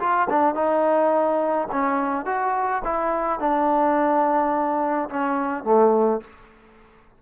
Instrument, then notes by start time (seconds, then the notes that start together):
trombone
0.00 F4
0.30 D4
0.55 D#4
1.72 C#4
2.26 F#4
2.84 E4
3.40 D4
5.10 C#4
5.64 A3